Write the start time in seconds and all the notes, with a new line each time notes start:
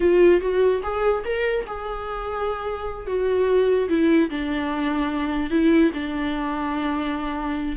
0.00 F4
0.40 F#4
0.82 G#4
1.24 A#4
1.66 G#4
3.06 F#4
3.88 E4
4.29 D4
5.50 E4
5.94 D4